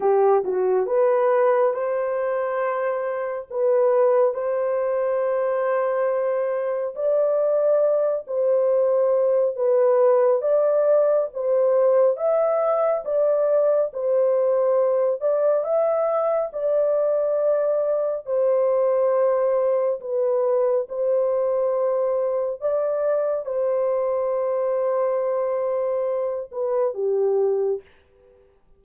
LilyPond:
\new Staff \with { instrumentName = "horn" } { \time 4/4 \tempo 4 = 69 g'8 fis'8 b'4 c''2 | b'4 c''2. | d''4. c''4. b'4 | d''4 c''4 e''4 d''4 |
c''4. d''8 e''4 d''4~ | d''4 c''2 b'4 | c''2 d''4 c''4~ | c''2~ c''8 b'8 g'4 | }